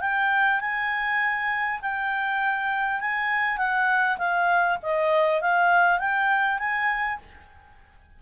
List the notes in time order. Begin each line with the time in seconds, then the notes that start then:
0.00 G5
0.60 G#5
1.81 G5
3.00 G#5
3.57 F#5
4.18 F5
4.82 D#5
5.41 F5
5.99 G5
6.58 G#5